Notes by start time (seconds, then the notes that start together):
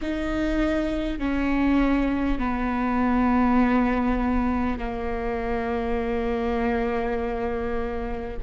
0.01 D#4
1.18 C#4
2.38 B3
4.78 A#3